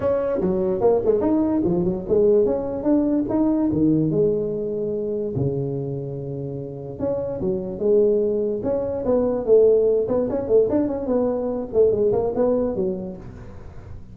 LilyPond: \new Staff \with { instrumentName = "tuba" } { \time 4/4 \tempo 4 = 146 cis'4 fis4 ais8 gis8 dis'4 | f8 fis8 gis4 cis'4 d'4 | dis'4 dis4 gis2~ | gis4 cis2.~ |
cis4 cis'4 fis4 gis4~ | gis4 cis'4 b4 a4~ | a8 b8 cis'8 a8 d'8 cis'8 b4~ | b8 a8 gis8 ais8 b4 fis4 | }